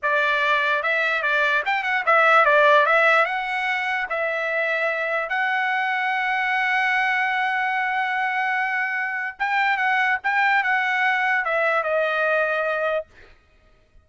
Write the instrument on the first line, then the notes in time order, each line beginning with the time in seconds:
trumpet
0.02 D5
0.82 E5
1.22 D5
1.65 G5
1.83 F#5
2.06 E5
2.45 D5
2.86 E5
3.25 F#5
4.09 E5
5.29 F#5
9.39 G5
9.77 F#5
10.23 G5
10.63 F#5
11.45 E5
11.83 D#5